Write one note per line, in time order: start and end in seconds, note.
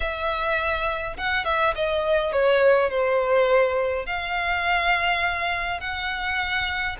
0.00 1.17 E5
1.17 1.44 F#5
1.44 1.73 E5
1.75 2.32 D#5
2.32 2.89 C#5
2.89 4.05 C5
4.05 5.80 F5
5.80 6.96 F#5